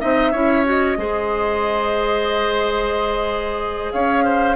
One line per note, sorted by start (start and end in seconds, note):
0.00 0.33 C4
0.00 0.33 D#4
0.00 0.32 D#5
0.00 0.65 E5
0.32 0.98 C#4
0.32 0.65 E4
0.32 0.98 C#5
0.65 0.98 F#4
0.65 3.92 D#5
0.98 3.91 G#3
0.98 4.56 G#4
0.98 3.93 C5
3.92 4.56 C#4
3.92 4.25 C#5
3.92 4.56 F5
4.25 4.56 C5